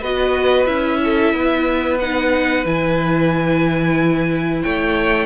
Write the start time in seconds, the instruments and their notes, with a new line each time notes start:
0.00 cello B3, viola F#4, violin B4 D#5
0.66 cello C#4, viola E4, violin E5
1.04 violin A4
1.33 cello B3, violin B4
1.99 viola D#4, violin F#5
2.65 cello E3, viola E4, violin G#5
4.62 cello A3, violin C#5 G5